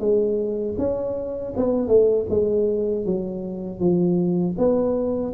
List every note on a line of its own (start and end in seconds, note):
0.00 0.76 G#3
0.78 1.54 C#4
1.57 1.88 B3
1.88 2.26 A3
2.30 3.06 G#3
3.06 3.80 F#3
3.80 4.56 F3
4.58 5.34 B3